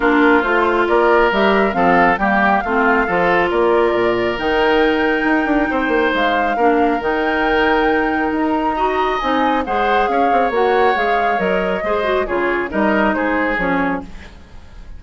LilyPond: <<
  \new Staff \with { instrumentName = "flute" } { \time 4/4 \tempo 4 = 137 ais'4 c''4 d''4 e''4 | f''4 g''4 f''2 | d''2 g''2~ | g''2 f''2 |
g''2. ais''4~ | ais''4 gis''4 fis''4 f''4 | fis''4 f''4 dis''2 | cis''4 dis''4 c''4 cis''4 | }
  \new Staff \with { instrumentName = "oboe" } { \time 4/4 f'2 ais'2 | a'4 g'4 f'4 a'4 | ais'1~ | ais'4 c''2 ais'4~ |
ais'1 | dis''2 c''4 cis''4~ | cis''2. c''4 | gis'4 ais'4 gis'2 | }
  \new Staff \with { instrumentName = "clarinet" } { \time 4/4 d'4 f'2 g'4 | c'4 ais4 c'4 f'4~ | f'2 dis'2~ | dis'2. d'4 |
dis'1 | fis'4 dis'4 gis'2 | fis'4 gis'4 ais'4 gis'8 fis'8 | f'4 dis'2 cis'4 | }
  \new Staff \with { instrumentName = "bassoon" } { \time 4/4 ais4 a4 ais4 g4 | f4 g4 a4 f4 | ais4 ais,4 dis2 | dis'8 d'8 c'8 ais8 gis4 ais4 |
dis2. dis'4~ | dis'4 c'4 gis4 cis'8 c'8 | ais4 gis4 fis4 gis4 | cis4 g4 gis4 f4 | }
>>